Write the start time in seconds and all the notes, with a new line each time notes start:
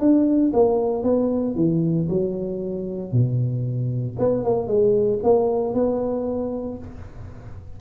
0.00 D4
0.53 A#3
1.04 B3
1.56 E3
2.09 F#3
3.12 B2
4.19 B3
4.44 A#3
4.67 G#3
5.23 A#3
5.74 B3